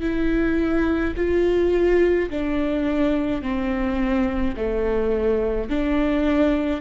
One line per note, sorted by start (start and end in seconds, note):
0.00 1.13 E4
1.16 2.29 F4
2.30 3.42 D4
3.42 4.55 C4
4.56 5.69 A3
5.69 6.81 D4